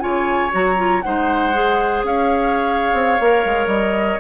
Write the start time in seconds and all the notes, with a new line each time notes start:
0.00 C#3 F4 C#5 G#5
0.52 F#3 F#4 A#5
0.77 F4
1.02 G#3 D#4 C5 F#5
1.54 G#4
2.04 C#4 C#5 F5
2.94 C4
3.20 A#3 A#4
3.45 G#3
3.67 G3 D#5